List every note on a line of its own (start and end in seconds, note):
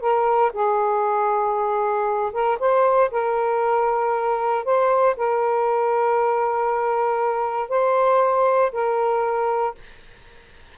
0.00 0.51 A#4
0.52 2.32 G#4
2.32 2.58 A#4
2.59 3.10 C5
3.11 4.64 A#4
4.64 5.16 C5
5.16 7.69 A#4
7.69 8.71 C5
8.72 9.74 A#4